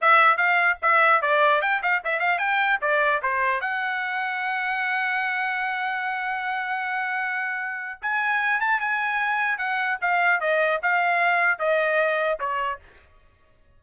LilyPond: \new Staff \with { instrumentName = "trumpet" } { \time 4/4 \tempo 4 = 150 e''4 f''4 e''4 d''4 | g''8 f''8 e''8 f''8 g''4 d''4 | c''4 fis''2.~ | fis''1~ |
fis''1 | gis''4. a''8 gis''2 | fis''4 f''4 dis''4 f''4~ | f''4 dis''2 cis''4 | }